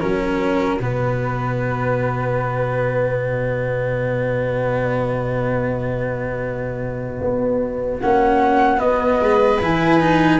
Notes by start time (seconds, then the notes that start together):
0.00 F#3 C#4 F#4 A#4
0.80 B2 B3 B4
3.22 D#5
7.20 B3
8.00 A#3 C#4 F#5
8.77 B3 D#5
9.20 G#3 B4
9.60 E3 E4 G#5
10.00 D#4